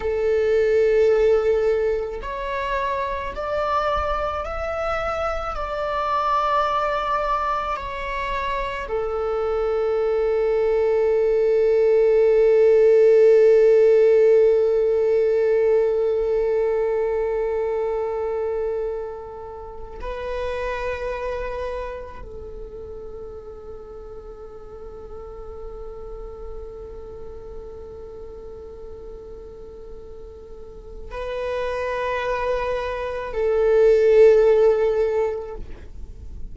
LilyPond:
\new Staff \with { instrumentName = "viola" } { \time 4/4 \tempo 4 = 54 a'2 cis''4 d''4 | e''4 d''2 cis''4 | a'1~ | a'1~ |
a'2 b'2 | a'1~ | a'1 | b'2 a'2 | }